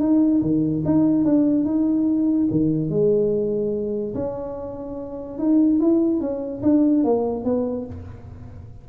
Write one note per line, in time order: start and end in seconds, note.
0.00 0.41 D#4
0.42 0.83 D#3
0.85 1.25 D#4
1.25 1.65 D4
1.65 2.48 D#4
2.51 2.90 D#3
2.90 4.14 G#3
4.14 5.38 C#4
5.38 5.80 D#4
5.80 6.20 E4
6.20 6.62 C#4
6.63 7.04 D4
7.04 7.44 A#3
7.44 7.86 B3